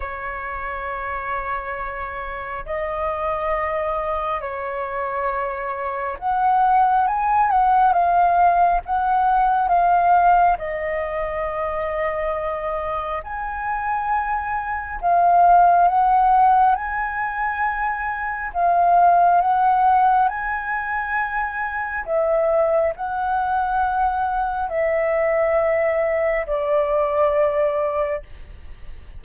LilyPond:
\new Staff \with { instrumentName = "flute" } { \time 4/4 \tempo 4 = 68 cis''2. dis''4~ | dis''4 cis''2 fis''4 | gis''8 fis''8 f''4 fis''4 f''4 | dis''2. gis''4~ |
gis''4 f''4 fis''4 gis''4~ | gis''4 f''4 fis''4 gis''4~ | gis''4 e''4 fis''2 | e''2 d''2 | }